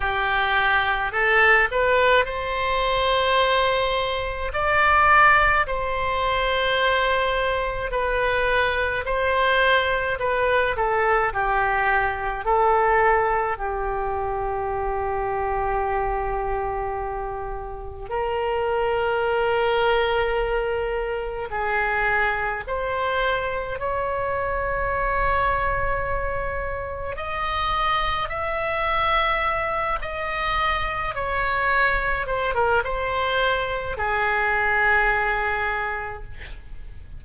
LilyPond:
\new Staff \with { instrumentName = "oboe" } { \time 4/4 \tempo 4 = 53 g'4 a'8 b'8 c''2 | d''4 c''2 b'4 | c''4 b'8 a'8 g'4 a'4 | g'1 |
ais'2. gis'4 | c''4 cis''2. | dis''4 e''4. dis''4 cis''8~ | cis''8 c''16 ais'16 c''4 gis'2 | }